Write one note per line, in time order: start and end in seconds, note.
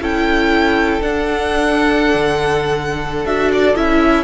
0.00 1.00 C#4
0.00 1.00 E4
0.00 4.24 A4
0.00 1.02 G5
1.00 3.25 D4
1.00 2.14 D4
1.00 3.26 F#5
2.14 3.25 D3
3.25 3.75 D4
3.25 3.75 F#4
3.25 3.51 E5
3.52 3.76 D5
3.75 4.24 C#4
3.75 4.24 E4
3.75 4.24 E5